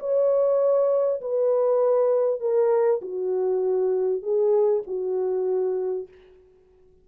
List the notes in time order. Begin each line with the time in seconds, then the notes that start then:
0.00 C#5
1.21 B4
2.41 A#4
3.02 F#4
4.23 G#4
4.87 F#4